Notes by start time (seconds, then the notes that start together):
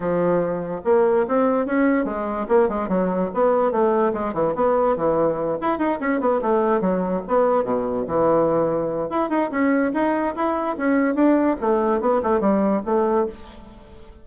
0.00 F3
0.84 A#3
1.28 C4
1.66 C#4
2.04 G#3
2.48 A#3
2.68 G#3
2.88 F#3
3.34 B3
3.71 A3
4.13 G#3
4.33 E3
4.55 B3
4.96 E3
5.61 E4
5.78 D#4
5.99 C#4
6.20 B3
6.41 A3
6.80 F#3
7.27 B3
7.63 B2
8.07 E3
9.09 E4
9.29 D#4
9.50 C#4
9.93 D#4
10.35 E4
10.77 C#4
11.15 D4
11.60 A3
12.01 B3
12.22 A3
12.40 G3
12.85 A3